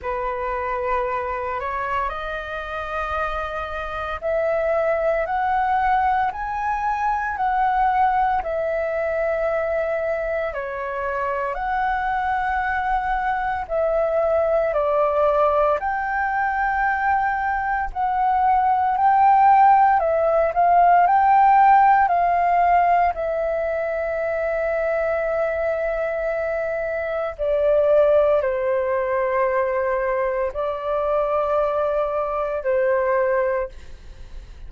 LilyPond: \new Staff \with { instrumentName = "flute" } { \time 4/4 \tempo 4 = 57 b'4. cis''8 dis''2 | e''4 fis''4 gis''4 fis''4 | e''2 cis''4 fis''4~ | fis''4 e''4 d''4 g''4~ |
g''4 fis''4 g''4 e''8 f''8 | g''4 f''4 e''2~ | e''2 d''4 c''4~ | c''4 d''2 c''4 | }